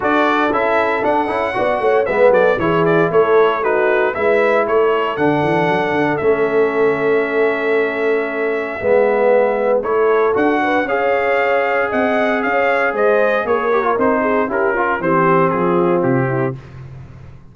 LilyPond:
<<
  \new Staff \with { instrumentName = "trumpet" } { \time 4/4 \tempo 4 = 116 d''4 e''4 fis''2 | e''8 d''8 cis''8 d''8 cis''4 b'4 | e''4 cis''4 fis''2 | e''1~ |
e''2. cis''4 | fis''4 f''2 fis''4 | f''4 dis''4 cis''4 c''4 | ais'4 c''4 gis'4 g'4 | }
  \new Staff \with { instrumentName = "horn" } { \time 4/4 a'2. d''8 cis''8 | b'8 a'8 gis'4 a'4 fis'4 | b'4 a'2.~ | a'1~ |
a'4 b'2 a'4~ | a'8 b'8 cis''2 dis''4 | cis''4 c''4 ais'4. gis'8 | g'8 f'8 g'4 f'4. e'8 | }
  \new Staff \with { instrumentName = "trombone" } { \time 4/4 fis'4 e'4 d'8 e'8 fis'4 | b4 e'2 dis'4 | e'2 d'2 | cis'1~ |
cis'4 b2 e'4 | fis'4 gis'2.~ | gis'2~ gis'8 g'16 f'16 dis'4 | e'8 f'8 c'2. | }
  \new Staff \with { instrumentName = "tuba" } { \time 4/4 d'4 cis'4 d'8 cis'8 b8 a8 | gis8 fis8 e4 a2 | gis4 a4 d8 e8 fis8 d8 | a1~ |
a4 gis2 a4 | d'4 cis'2 c'4 | cis'4 gis4 ais4 c'4 | cis'4 e4 f4 c4 | }
>>